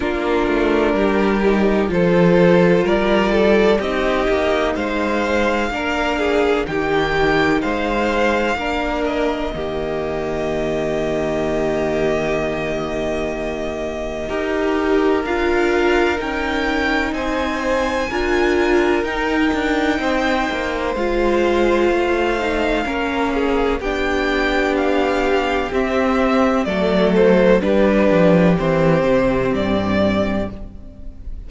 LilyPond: <<
  \new Staff \with { instrumentName = "violin" } { \time 4/4 \tempo 4 = 63 ais'2 c''4 d''4 | dis''4 f''2 g''4 | f''4. dis''2~ dis''8~ | dis''1 |
f''4 g''4 gis''2 | g''2 f''2~ | f''4 g''4 f''4 e''4 | d''8 c''8 b'4 c''4 d''4 | }
  \new Staff \with { instrumentName = "violin" } { \time 4/4 f'4 g'4 a'4 ais'8 a'8 | g'4 c''4 ais'8 gis'8 g'4 | c''4 ais'4 g'2~ | g'2. ais'4~ |
ais'2 c''4 ais'4~ | ais'4 c''2. | ais'8 gis'8 g'2. | a'4 g'2. | }
  \new Staff \with { instrumentName = "viola" } { \time 4/4 d'4. dis'8 f'2 | dis'2 d'4 dis'4~ | dis'4 d'4 ais2~ | ais2. g'4 |
f'4 dis'2 f'4 | dis'2 f'4. dis'8 | cis'4 d'2 c'4 | a4 d'4 c'2 | }
  \new Staff \with { instrumentName = "cello" } { \time 4/4 ais8 a8 g4 f4 g4 | c'8 ais8 gis4 ais4 dis4 | gis4 ais4 dis2~ | dis2. dis'4 |
d'4 cis'4 c'4 d'4 | dis'8 d'8 c'8 ais8 gis4 a4 | ais4 b2 c'4 | fis4 g8 f8 e8 c8 g,4 | }
>>